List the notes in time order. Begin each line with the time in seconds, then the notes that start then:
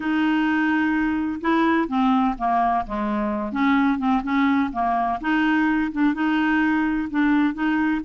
0.00 D#4
1.40 E4
1.87 C4
2.38 A#3
2.86 G#3
3.52 C#4
3.98 C4
4.23 C#4
4.72 A#3
5.21 D#4
5.92 D4
6.14 D#4
7.10 D4
7.54 D#4